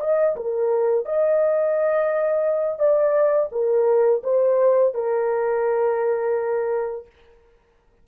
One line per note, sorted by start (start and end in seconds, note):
0.00 0.35 D#5
0.36 1.05 A#4
1.05 2.79 D#5
2.79 3.49 D5
3.51 4.22 A#4
4.23 4.94 C5
4.94 7.06 A#4